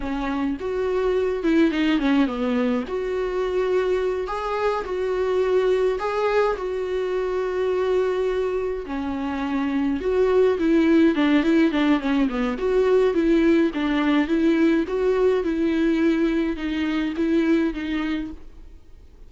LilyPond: \new Staff \with { instrumentName = "viola" } { \time 4/4 \tempo 4 = 105 cis'4 fis'4. e'8 dis'8 cis'8 | b4 fis'2~ fis'8 gis'8~ | gis'8 fis'2 gis'4 fis'8~ | fis'2.~ fis'8 cis'8~ |
cis'4. fis'4 e'4 d'8 | e'8 d'8 cis'8 b8 fis'4 e'4 | d'4 e'4 fis'4 e'4~ | e'4 dis'4 e'4 dis'4 | }